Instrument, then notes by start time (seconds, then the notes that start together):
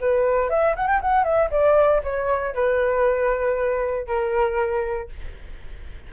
flute
0.00 B4
0.49 E5
0.76 F#5
0.87 G5
1.01 F#5
1.24 E5
1.50 D5
2.03 C#5
2.54 B4
4.07 A#4